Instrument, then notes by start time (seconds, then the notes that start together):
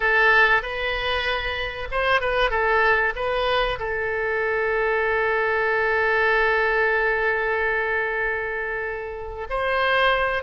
oboe
0.00 A4
0.62 B4
1.91 C5
2.20 B4
2.50 A4
3.16 B4
3.79 A4
9.49 C5